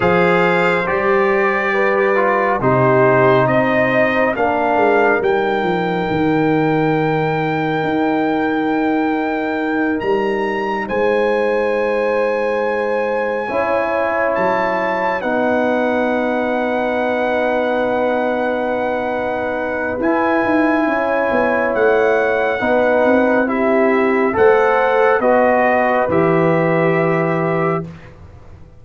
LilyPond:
<<
  \new Staff \with { instrumentName = "trumpet" } { \time 4/4 \tempo 4 = 69 f''4 d''2 c''4 | dis''4 f''4 g''2~ | g''2.~ g''8 ais''8~ | ais''8 gis''2.~ gis''8~ |
gis''8 a''4 fis''2~ fis''8~ | fis''2. gis''4~ | gis''4 fis''2 e''4 | fis''4 dis''4 e''2 | }
  \new Staff \with { instrumentName = "horn" } { \time 4/4 c''2 b'4 g'4 | c''4 ais'2.~ | ais'1~ | ais'8 c''2. cis''8~ |
cis''4. b'2~ b'8~ | b'1 | cis''2 b'4 g'4 | c''4 b'2. | }
  \new Staff \with { instrumentName = "trombone" } { \time 4/4 gis'4 g'4. f'8 dis'4~ | dis'4 d'4 dis'2~ | dis'1~ | dis'2.~ dis'8 e'8~ |
e'4. dis'2~ dis'8~ | dis'2. e'4~ | e'2 dis'4 e'4 | a'4 fis'4 g'2 | }
  \new Staff \with { instrumentName = "tuba" } { \time 4/4 f4 g2 c4 | c'4 ais8 gis8 g8 f8 dis4~ | dis4 dis'2~ dis'8 g8~ | g8 gis2. cis'8~ |
cis'8 fis4 b2~ b8~ | b2. e'8 dis'8 | cis'8 b8 a4 b8 c'4. | a4 b4 e2 | }
>>